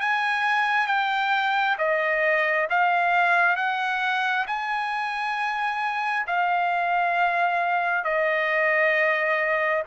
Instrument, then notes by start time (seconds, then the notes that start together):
trumpet
0.00 G#5
0.87 G5
1.78 D#5
2.70 F5
3.56 F#5
4.47 G#5
6.27 F5
8.04 D#5